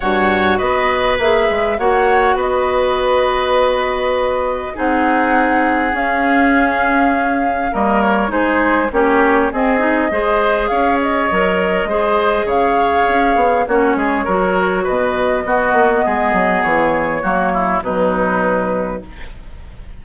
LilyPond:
<<
  \new Staff \with { instrumentName = "flute" } { \time 4/4 \tempo 4 = 101 fis''4 dis''4 e''4 fis''4 | dis''1 | fis''2 f''2~ | f''4 dis''8 cis''8 c''4 cis''4 |
dis''2 f''8 dis''4.~ | dis''4 f''2 cis''4~ | cis''4 dis''2. | cis''2 b'2 | }
  \new Staff \with { instrumentName = "oboe" } { \time 4/4 cis''4 b'2 cis''4 | b'1 | gis'1~ | gis'4 ais'4 gis'4 g'4 |
gis'4 c''4 cis''2 | c''4 cis''2 fis'8 gis'8 | ais'4 b'4 fis'4 gis'4~ | gis'4 fis'8 e'8 dis'2 | }
  \new Staff \with { instrumentName = "clarinet" } { \time 4/4 fis'2 gis'4 fis'4~ | fis'1 | dis'2 cis'2~ | cis'4 ais4 dis'4 cis'4 |
c'8 dis'8 gis'2 ais'4 | gis'2. cis'4 | fis'2 b2~ | b4 ais4 fis2 | }
  \new Staff \with { instrumentName = "bassoon" } { \time 4/4 g,4 b4 ais8 gis8 ais4 | b1 | c'2 cis'2~ | cis'4 g4 gis4 ais4 |
c'4 gis4 cis'4 fis4 | gis4 cis4 cis'8 b8 ais8 gis8 | fis4 b,4 b8 ais8 gis8 fis8 | e4 fis4 b,2 | }
>>